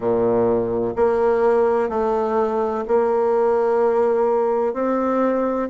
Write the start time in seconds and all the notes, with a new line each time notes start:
0.00 A#2
0.96 A#3
1.89 A3
2.87 A#3
4.73 C4